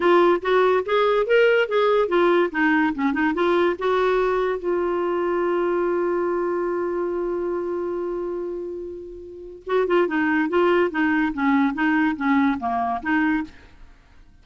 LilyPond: \new Staff \with { instrumentName = "clarinet" } { \time 4/4 \tempo 4 = 143 f'4 fis'4 gis'4 ais'4 | gis'4 f'4 dis'4 cis'8 dis'8 | f'4 fis'2 f'4~ | f'1~ |
f'1~ | f'2. fis'8 f'8 | dis'4 f'4 dis'4 cis'4 | dis'4 cis'4 ais4 dis'4 | }